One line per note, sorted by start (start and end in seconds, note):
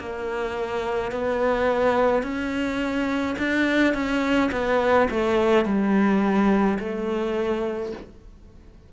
0.00 1.12 A#3
1.12 2.23 B3
2.23 3.36 C#4
3.39 3.94 D4
3.94 4.51 C#4
4.52 5.08 B3
5.11 5.66 A3
5.66 6.79 G3
6.79 7.92 A3